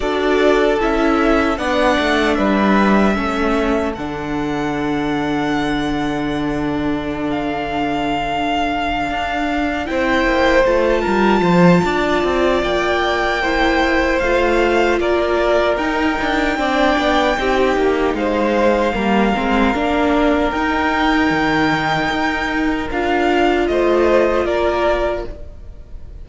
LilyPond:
<<
  \new Staff \with { instrumentName = "violin" } { \time 4/4 \tempo 4 = 76 d''4 e''4 fis''4 e''4~ | e''4 fis''2.~ | fis''4~ fis''16 f''2~ f''8.~ | f''8 g''4 a''2~ a''8 |
g''2 f''4 d''4 | g''2. f''4~ | f''2 g''2~ | g''4 f''4 dis''4 d''4 | }
  \new Staff \with { instrumentName = "violin" } { \time 4/4 a'2 d''4 b'4 | a'1~ | a'1~ | a'8 c''4. ais'8 c''8 d''4~ |
d''4 c''2 ais'4~ | ais'4 d''4 g'4 c''4 | ais'1~ | ais'2 c''4 ais'4 | }
  \new Staff \with { instrumentName = "viola" } { \time 4/4 fis'4 e'4 d'2 | cis'4 d'2.~ | d'1~ | d'8 e'4 f'2~ f'8~ |
f'4 e'4 f'2 | dis'4 d'4 dis'2 | ais8 c'8 d'4 dis'2~ | dis'4 f'2. | }
  \new Staff \with { instrumentName = "cello" } { \time 4/4 d'4 cis'4 b8 a8 g4 | a4 d2.~ | d2.~ d8 d'8~ | d'8 c'8 ais8 a8 g8 f8 d'8 c'8 |
ais2 a4 ais4 | dis'8 d'8 c'8 b8 c'8 ais8 gis4 | g8 gis8 ais4 dis'4 dis4 | dis'4 d'4 a4 ais4 | }
>>